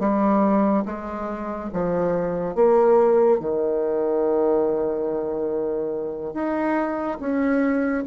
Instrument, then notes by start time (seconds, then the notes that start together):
bassoon
0.00 G3
0.86 G#3
1.73 F3
2.55 A#3
3.40 D#3
6.34 D#4
7.20 C#4